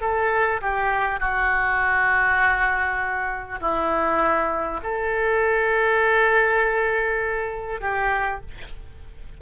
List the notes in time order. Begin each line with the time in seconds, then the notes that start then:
0.00 A4
0.61 G4
1.19 F#4
3.61 E4
4.83 A4
7.80 G4